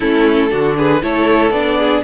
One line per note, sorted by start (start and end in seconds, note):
0.00 0.52 A3
0.00 0.49 C#4
0.00 0.50 E4
0.00 0.75 A4
0.49 1.02 D3
0.49 1.00 D4
0.49 0.76 F#4
0.76 1.02 G#4
0.76 1.03 B4
1.01 1.50 A3
1.01 1.52 E4
1.01 1.78 A4
1.01 1.51 C#5
1.50 2.01 B3
1.50 2.03 D4
1.50 2.02 D5
1.78 2.03 G#4